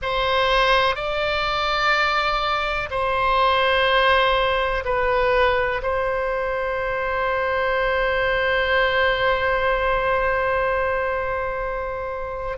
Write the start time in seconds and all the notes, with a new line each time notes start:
0.01 C5
0.95 D5
2.90 C5
4.84 B4
5.82 C5